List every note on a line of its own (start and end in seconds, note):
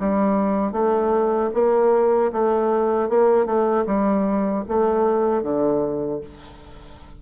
0.00 0.72 G3
0.72 1.50 A3
1.54 2.32 A#3
2.32 3.09 A3
3.09 3.46 A#3
3.46 3.85 A3
3.86 4.64 G3
4.68 5.43 A3
5.43 6.21 D3